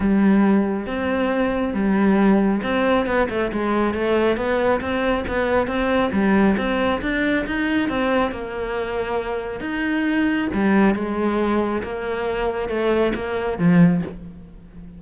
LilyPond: \new Staff \with { instrumentName = "cello" } { \time 4/4 \tempo 4 = 137 g2 c'2 | g2 c'4 b8 a8 | gis4 a4 b4 c'4 | b4 c'4 g4 c'4 |
d'4 dis'4 c'4 ais4~ | ais2 dis'2 | g4 gis2 ais4~ | ais4 a4 ais4 f4 | }